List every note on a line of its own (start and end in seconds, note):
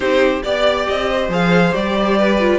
0.00 0.42 C4
0.00 0.41 D#4
0.00 0.43 G4
0.00 0.42 C5
0.43 0.87 B3
0.43 1.30 G4
0.43 0.86 D5
0.43 1.09 D5
0.87 1.28 C4
0.87 1.30 D#5
1.09 2.18 C5
1.28 1.72 F3
1.28 1.72 G#4
1.28 1.74 F5
1.72 2.59 G3
1.72 2.37 G4
1.72 2.59 D5
2.18 2.59 B4
2.40 2.59 F4